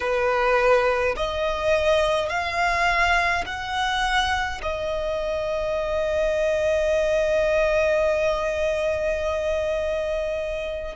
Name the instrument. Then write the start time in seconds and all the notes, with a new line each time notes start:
violin
0.00 B4
1.16 D#5
2.29 F5
3.46 F#5
4.62 D#5